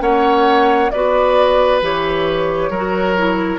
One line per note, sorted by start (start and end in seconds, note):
0.00 0.91 A#3
0.00 0.90 C#4
0.00 0.92 C#5
0.00 0.91 F#5
0.91 1.82 B3
0.91 1.82 F#4
0.91 2.70 B4
0.91 1.80 D5
1.82 2.70 E3
1.82 2.72 G4
1.82 3.59 C#5
2.70 3.59 F#3
2.70 3.59 A#4
2.76 3.17 F#4
3.17 3.59 E4